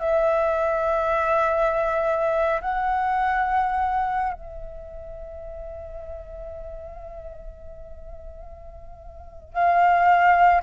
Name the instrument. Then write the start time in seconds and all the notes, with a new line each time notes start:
flute
0.00 E5
2.61 F#5
4.34 E5
9.53 F5